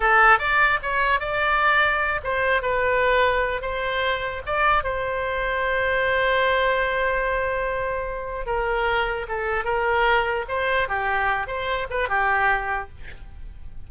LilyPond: \new Staff \with { instrumentName = "oboe" } { \time 4/4 \tempo 4 = 149 a'4 d''4 cis''4 d''4~ | d''4. c''4 b'4.~ | b'4 c''2 d''4 | c''1~ |
c''1~ | c''4 ais'2 a'4 | ais'2 c''4 g'4~ | g'8 c''4 b'8 g'2 | }